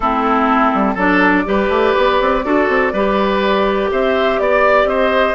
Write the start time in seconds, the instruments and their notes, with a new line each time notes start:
0.00 bassoon A3, clarinet C4, oboe E4, flute A4
0.73 bassoon G3
0.94 bassoon F#3, clarinet D4, oboe A4, flute D5
1.45 bassoon G3, clarinet G4, oboe B4
1.68 bassoon A3
1.97 bassoon B3
2.21 bassoon C4
2.43 bassoon D4, clarinet F#4, oboe A4
2.68 bassoon C4
2.92 bassoon G3, clarinet G4, oboe B4
3.91 bassoon C4, oboe C5, flute E5
4.39 bassoon B3, flute D5, oboe D5
4.84 bassoon C4, oboe C5, flute D#5